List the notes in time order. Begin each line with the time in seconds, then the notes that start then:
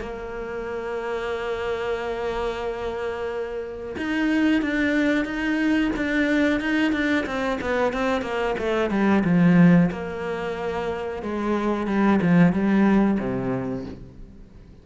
0.00 A#3
3.97 D#4
4.61 D4
5.24 D#4
5.96 D4
6.60 D#4
6.92 D4
7.26 C4
7.61 B3
7.93 C4
8.21 A#3
8.58 A3
8.90 G3
9.24 F3
9.91 A#3
11.22 G#3
11.87 G3
12.22 F3
12.52 G3
13.19 C3